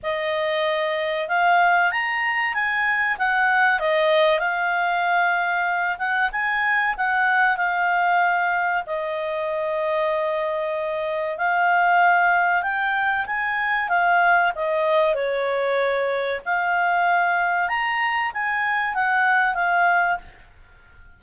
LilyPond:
\new Staff \with { instrumentName = "clarinet" } { \time 4/4 \tempo 4 = 95 dis''2 f''4 ais''4 | gis''4 fis''4 dis''4 f''4~ | f''4. fis''8 gis''4 fis''4 | f''2 dis''2~ |
dis''2 f''2 | g''4 gis''4 f''4 dis''4 | cis''2 f''2 | ais''4 gis''4 fis''4 f''4 | }